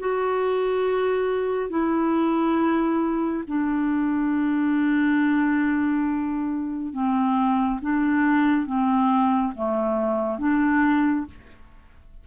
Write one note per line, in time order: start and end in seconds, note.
0.00 1.70 F#4
1.70 3.44 E4
3.48 6.94 D4
6.94 7.81 C4
7.82 8.66 D4
8.66 9.53 C4
9.55 10.39 A3
10.39 11.26 D4